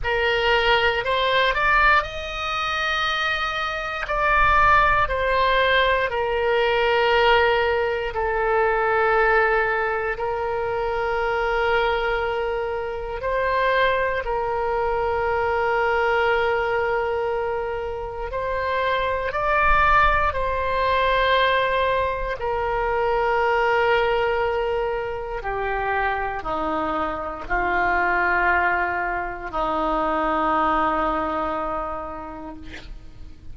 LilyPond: \new Staff \with { instrumentName = "oboe" } { \time 4/4 \tempo 4 = 59 ais'4 c''8 d''8 dis''2 | d''4 c''4 ais'2 | a'2 ais'2~ | ais'4 c''4 ais'2~ |
ais'2 c''4 d''4 | c''2 ais'2~ | ais'4 g'4 dis'4 f'4~ | f'4 dis'2. | }